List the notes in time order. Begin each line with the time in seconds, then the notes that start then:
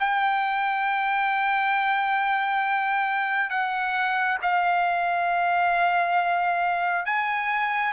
0.00 G5
3.50 F#5
4.42 F5
7.05 G#5